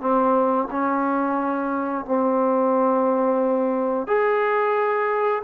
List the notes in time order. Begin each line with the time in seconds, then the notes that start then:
0.00 C4
0.70 C#4
2.05 C4
4.07 G#4